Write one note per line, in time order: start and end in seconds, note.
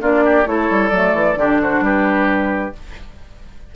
0.00 0.46 A#3
0.00 0.45 D4
0.00 0.24 F4
0.00 0.47 D5
0.25 0.47 G4
0.45 0.69 A3
0.45 0.90 E4
0.45 1.39 A4
0.45 0.89 C#5
0.70 0.91 G3
0.89 1.13 F#3
0.89 1.36 A3
0.89 1.57 D5
1.13 1.36 E3
1.36 1.81 D3
1.36 2.72 D4
1.36 1.61 G4
1.61 1.84 F#4
1.61 1.84 C5
1.81 2.71 G3
1.81 2.75 G4
1.81 2.75 B4